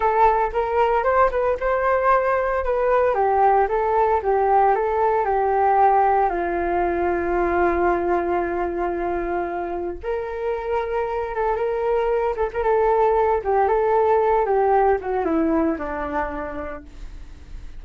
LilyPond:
\new Staff \with { instrumentName = "flute" } { \time 4/4 \tempo 4 = 114 a'4 ais'4 c''8 b'8 c''4~ | c''4 b'4 g'4 a'4 | g'4 a'4 g'2 | f'1~ |
f'2. ais'4~ | ais'4. a'8 ais'4. a'16 ais'16 | a'4. g'8 a'4. g'8~ | g'8 fis'8 e'4 d'2 | }